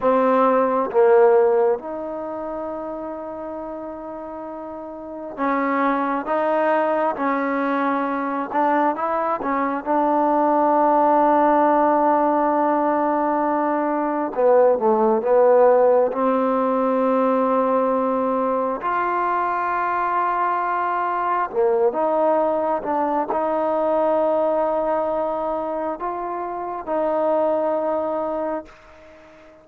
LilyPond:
\new Staff \with { instrumentName = "trombone" } { \time 4/4 \tempo 4 = 67 c'4 ais4 dis'2~ | dis'2 cis'4 dis'4 | cis'4. d'8 e'8 cis'8 d'4~ | d'1 |
b8 a8 b4 c'2~ | c'4 f'2. | ais8 dis'4 d'8 dis'2~ | dis'4 f'4 dis'2 | }